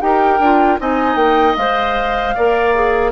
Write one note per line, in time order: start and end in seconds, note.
0.00 0.39 D#4
0.00 0.39 G4
0.00 0.80 A#4
0.00 0.78 G5
0.39 0.78 D4
0.39 0.79 F4
0.79 1.15 C4
0.79 1.57 D#4
0.79 2.35 D#5
0.79 1.16 G#5
1.15 1.54 A#3
1.15 1.55 G5
1.56 2.34 G#3
1.56 2.36 C5
1.56 3.11 F5
2.35 3.11 A#3
2.35 2.74 A#4
2.35 3.11 D5
2.74 3.11 G#4